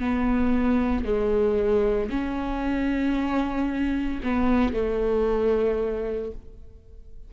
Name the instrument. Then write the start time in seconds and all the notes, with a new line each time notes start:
viola
0.00 B3
1.05 G#3
2.10 C#4
4.23 B3
4.74 A3